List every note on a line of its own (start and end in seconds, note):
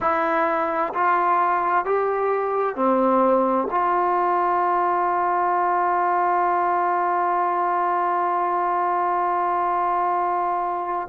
0.00 0.93 E4
0.93 1.85 F4
1.85 2.75 G4
2.75 3.68 C4
3.70 11.08 F4